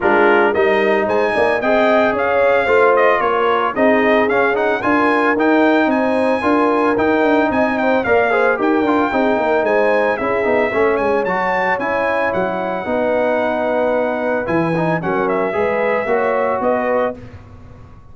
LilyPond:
<<
  \new Staff \with { instrumentName = "trumpet" } { \time 4/4 \tempo 4 = 112 ais'4 dis''4 gis''4 g''4 | f''4. dis''8 cis''4 dis''4 | f''8 fis''8 gis''4 g''4 gis''4~ | gis''4 g''4 gis''8 g''8 f''4 |
g''2 gis''4 e''4~ | e''8 gis''8 a''4 gis''4 fis''4~ | fis''2. gis''4 | fis''8 e''2~ e''8 dis''4 | }
  \new Staff \with { instrumentName = "horn" } { \time 4/4 f'4 ais'4 c''8 d''8 dis''4 | cis''4 c''4 ais'4 gis'4~ | gis'4 ais'2 c''4 | ais'2 dis''8 c''8 d''8 c''8 |
ais'4 gis'8 ais'8 c''4 gis'4 | cis''1 | b'1 | ais'4 b'4 cis''4 b'4 | }
  \new Staff \with { instrumentName = "trombone" } { \time 4/4 d'4 dis'2 gis'4~ | gis'4 f'2 dis'4 | cis'8 dis'8 f'4 dis'2 | f'4 dis'2 ais'8 gis'8 |
g'8 f'8 dis'2 e'8 dis'8 | cis'4 fis'4 e'2 | dis'2. e'8 dis'8 | cis'4 gis'4 fis'2 | }
  \new Staff \with { instrumentName = "tuba" } { \time 4/4 gis4 g4 gis8 ais8 c'4 | cis'4 a4 ais4 c'4 | cis'4 d'4 dis'4 c'4 | d'4 dis'8 d'8 c'4 ais4 |
dis'8 d'8 c'8 ais8 gis4 cis'8 b8 | a8 gis8 fis4 cis'4 fis4 | b2. e4 | fis4 gis4 ais4 b4 | }
>>